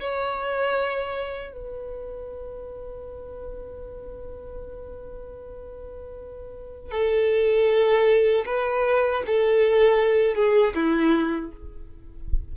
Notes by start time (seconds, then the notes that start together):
0.00 C#5
1.53 B4
6.91 A4
8.46 B4
9.26 A4
10.35 G#4
10.75 E4